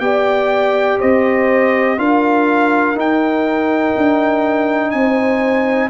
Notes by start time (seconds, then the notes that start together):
0.00 B3 G4 D5 G5
0.99 C4 C5 D#5
1.97 D4 F4 A#4 F5
2.95 D#4 G5
3.97 D4
4.91 C4 G#5
4.97 C5